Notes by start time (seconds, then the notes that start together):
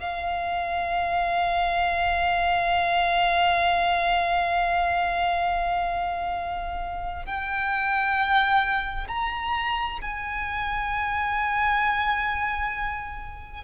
0.00 F5
7.26 G5
9.09 A#5
10.02 G#5